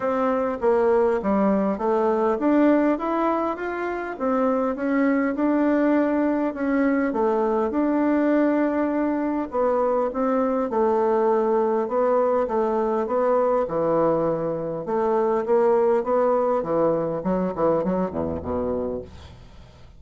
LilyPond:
\new Staff \with { instrumentName = "bassoon" } { \time 4/4 \tempo 4 = 101 c'4 ais4 g4 a4 | d'4 e'4 f'4 c'4 | cis'4 d'2 cis'4 | a4 d'2. |
b4 c'4 a2 | b4 a4 b4 e4~ | e4 a4 ais4 b4 | e4 fis8 e8 fis8 e,8 b,4 | }